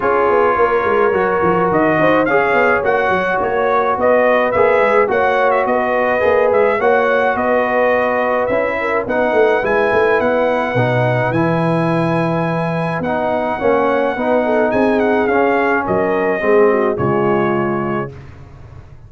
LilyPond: <<
  \new Staff \with { instrumentName = "trumpet" } { \time 4/4 \tempo 4 = 106 cis''2. dis''4 | f''4 fis''4 cis''4 dis''4 | e''4 fis''8. e''16 dis''4. e''8 | fis''4 dis''2 e''4 |
fis''4 gis''4 fis''2 | gis''2. fis''4~ | fis''2 gis''8 fis''8 f''4 | dis''2 cis''2 | }
  \new Staff \with { instrumentName = "horn" } { \time 4/4 gis'4 ais'2~ ais'8 c''8 | cis''2. b'4~ | b'4 cis''4 b'2 | cis''4 b'2~ b'8 ais'8 |
b'1~ | b'1 | cis''4 b'8 a'8 gis'2 | ais'4 gis'8 fis'8 f'2 | }
  \new Staff \with { instrumentName = "trombone" } { \time 4/4 f'2 fis'2 | gis'4 fis'2. | gis'4 fis'2 gis'4 | fis'2. e'4 |
dis'4 e'2 dis'4 | e'2. dis'4 | cis'4 dis'2 cis'4~ | cis'4 c'4 gis2 | }
  \new Staff \with { instrumentName = "tuba" } { \time 4/4 cis'8 b8 ais8 gis8 fis8 f8 dis8 dis'8 | cis'8 b8 ais8 fis8 ais4 b4 | ais8 gis8 ais4 b4 ais8 gis8 | ais4 b2 cis'4 |
b8 a8 gis8 a8 b4 b,4 | e2. b4 | ais4 b4 c'4 cis'4 | fis4 gis4 cis2 | }
>>